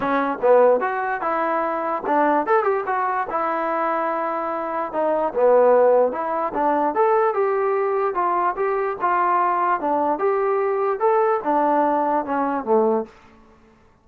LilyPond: \new Staff \with { instrumentName = "trombone" } { \time 4/4 \tempo 4 = 147 cis'4 b4 fis'4 e'4~ | e'4 d'4 a'8 g'8 fis'4 | e'1 | dis'4 b2 e'4 |
d'4 a'4 g'2 | f'4 g'4 f'2 | d'4 g'2 a'4 | d'2 cis'4 a4 | }